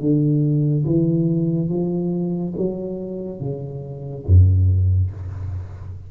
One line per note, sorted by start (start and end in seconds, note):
0.00 0.85 D3
0.85 1.69 E3
1.69 2.54 F3
2.57 3.40 F#3
3.40 4.24 C#3
4.26 5.11 F#2